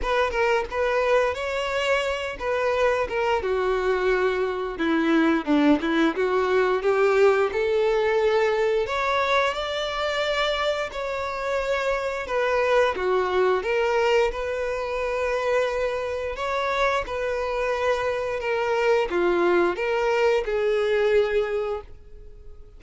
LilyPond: \new Staff \with { instrumentName = "violin" } { \time 4/4 \tempo 4 = 88 b'8 ais'8 b'4 cis''4. b'8~ | b'8 ais'8 fis'2 e'4 | d'8 e'8 fis'4 g'4 a'4~ | a'4 cis''4 d''2 |
cis''2 b'4 fis'4 | ais'4 b'2. | cis''4 b'2 ais'4 | f'4 ais'4 gis'2 | }